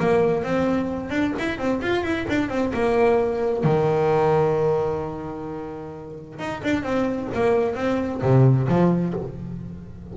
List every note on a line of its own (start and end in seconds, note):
0.00 0.44 A#3
0.44 1.11 C4
1.11 1.33 D4
1.39 1.58 E4
1.58 1.81 C4
1.82 2.03 F4
2.03 2.26 E4
2.29 2.49 D4
2.49 2.72 C4
2.74 3.64 A#3
3.64 6.39 D#3
6.39 6.62 D#4
6.64 6.83 D4
6.83 7.29 C4
7.34 7.75 A#3
7.75 8.21 C4
8.22 8.68 C3
8.68 9.14 F3